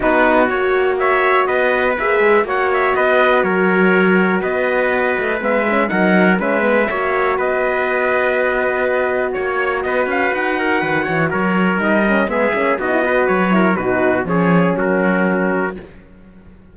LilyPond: <<
  \new Staff \with { instrumentName = "trumpet" } { \time 4/4 \tempo 4 = 122 b'4 cis''4 e''4 dis''4 | e''4 fis''8 e''8 dis''4 cis''4~ | cis''4 dis''2 e''4 | fis''4 e''2 dis''4~ |
dis''2. cis''4 | dis''8 f''8 fis''2 cis''4 | dis''4 e''4 dis''4 cis''4 | b'4 cis''4 ais'2 | }
  \new Staff \with { instrumentName = "trumpet" } { \time 4/4 fis'2 cis''4 b'4~ | b'4 cis''4 b'4 ais'4~ | ais'4 b'2. | ais'4 b'4 cis''4 b'4~ |
b'2. cis''4 | b'4. ais'8 b'8 cis''8 ais'4~ | ais'4 gis'4 fis'8 b'4 ais'8 | fis'4 gis'4 fis'2 | }
  \new Staff \with { instrumentName = "horn" } { \time 4/4 dis'4 fis'2. | gis'4 fis'2.~ | fis'2. b8 cis'8 | dis'4 cis'8 b8 fis'2~ |
fis'1~ | fis'1 | dis'8 cis'8 b8 cis'8 dis'16 e'16 fis'4 e'8 | dis'4 cis'2. | }
  \new Staff \with { instrumentName = "cello" } { \time 4/4 b4 ais2 b4 | ais8 gis8 ais4 b4 fis4~ | fis4 b4. a8 gis4 | fis4 gis4 ais4 b4~ |
b2. ais4 | b8 cis'8 dis'4 dis8 e8 fis4 | g4 gis8 ais8 b4 fis4 | b,4 f4 fis2 | }
>>